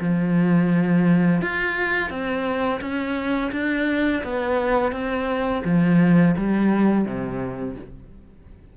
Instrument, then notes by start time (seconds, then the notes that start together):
cello
0.00 F3
1.41 F4
2.10 C4
2.81 C#4
3.52 D4
4.24 B3
4.92 C4
5.64 F3
6.37 G3
7.05 C3